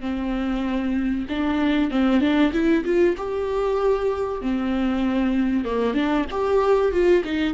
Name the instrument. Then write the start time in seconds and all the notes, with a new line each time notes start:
viola
0.00 C4
1.29 D4
1.91 C4
2.20 D4
2.52 E4
2.84 F4
3.17 G4
4.41 C4
5.65 A#3
5.94 D4
6.31 G4
6.92 F4
7.24 D#4